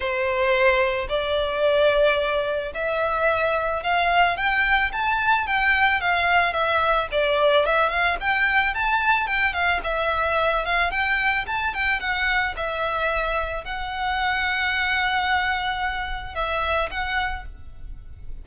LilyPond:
\new Staff \with { instrumentName = "violin" } { \time 4/4 \tempo 4 = 110 c''2 d''2~ | d''4 e''2 f''4 | g''4 a''4 g''4 f''4 | e''4 d''4 e''8 f''8 g''4 |
a''4 g''8 f''8 e''4. f''8 | g''4 a''8 g''8 fis''4 e''4~ | e''4 fis''2.~ | fis''2 e''4 fis''4 | }